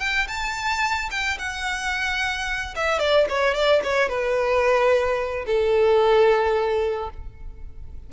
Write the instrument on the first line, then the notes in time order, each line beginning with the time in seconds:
violin
0.00 G5
0.28 A5
1.11 G5
1.39 F#5
2.76 E5
2.99 D5
3.30 C#5
3.54 D5
3.84 C#5
4.09 B4
5.46 A4